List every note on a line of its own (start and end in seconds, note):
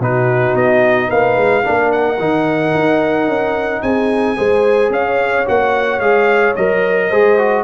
0.00 0.55 B2
0.00 1.63 D#4
0.00 1.09 F#4
0.00 0.56 B4
0.55 1.09 B3
0.55 1.11 D#5
1.09 1.37 A#3
1.09 1.63 B4
1.09 1.92 F5
1.37 1.64 G#3
1.63 2.19 A#3
1.63 2.18 D4
1.63 3.83 A#4
1.92 3.82 F#5
2.19 2.74 D#3
2.19 4.36 D#4
2.74 3.27 D#4
3.27 3.82 C#4
3.82 4.37 C4
3.82 4.37 G#4
3.82 4.91 G#5
4.36 4.90 G#3
4.36 5.45 G#4
4.36 4.92 C5
4.90 5.44 C#4
4.90 7.09 C#5
4.90 5.47 F5
5.46 6.00 A#3
5.46 6.00 F#4
5.46 6.00 F#5
6.00 6.54 G#3
6.00 6.55 G#4
6.00 6.54 F5
6.56 7.12 F#3
6.56 7.12 A#4
6.56 7.64 D#5
7.09 7.64 G#3
7.09 7.38 G#4
7.09 7.64 C5
7.38 7.64 F#4